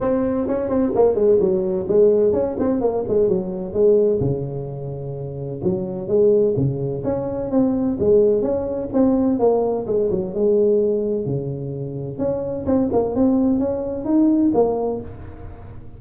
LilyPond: \new Staff \with { instrumentName = "tuba" } { \time 4/4 \tempo 4 = 128 c'4 cis'8 c'8 ais8 gis8 fis4 | gis4 cis'8 c'8 ais8 gis8 fis4 | gis4 cis2. | fis4 gis4 cis4 cis'4 |
c'4 gis4 cis'4 c'4 | ais4 gis8 fis8 gis2 | cis2 cis'4 c'8 ais8 | c'4 cis'4 dis'4 ais4 | }